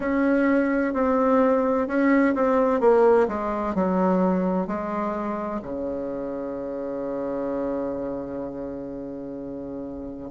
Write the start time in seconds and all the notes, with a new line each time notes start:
0.00 C#4
0.93 C4
1.87 C#4
2.34 C4
2.80 A#3
3.28 G#3
3.75 F#3
4.67 G#3
5.62 C#3